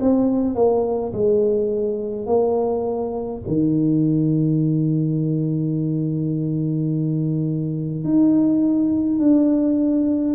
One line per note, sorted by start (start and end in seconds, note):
0.00 0.55 C4
0.55 1.12 A#3
1.13 2.26 G#3
2.26 3.41 A#3
3.47 8.05 D#3
8.05 9.19 D#4
9.19 10.34 D4